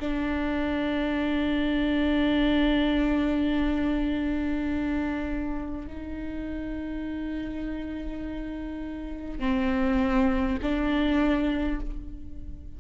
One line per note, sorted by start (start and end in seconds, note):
0.00 5.88 D4
5.88 9.40 D#4
9.40 10.58 C4
10.63 11.80 D4